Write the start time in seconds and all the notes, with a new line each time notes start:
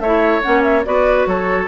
0.00 A3 E4 C#5 E5
0.42 A#3 C#4 F#5
0.63 E5
0.85 B3 F#4 B4 D5
1.27 F#3 A4 C#5